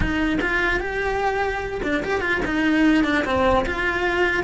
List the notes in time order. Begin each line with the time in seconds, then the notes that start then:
0.00 D#4
0.41 F4
0.79 G4
1.83 D4
2.03 G4
2.20 F4
2.45 D#4
3.04 D4
3.24 C4
3.66 F4